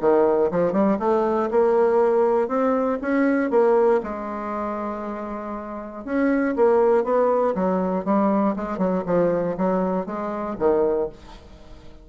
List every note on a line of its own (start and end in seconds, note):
0.00 0.50 D#3
0.51 0.72 F3
0.72 0.98 G3
0.99 1.49 A3
1.51 2.48 A#3
2.48 2.98 C4
3.01 3.50 C#4
3.50 4.01 A#3
4.03 6.05 G#3
6.05 6.55 C#4
6.56 7.04 A#3
7.04 7.54 B3
7.54 8.04 F#3
8.04 8.55 G3
8.56 8.78 G#3
8.78 9.03 F#3
9.06 9.56 F3
9.57 10.06 F#3
10.06 10.56 G#3
10.59 11.09 D#3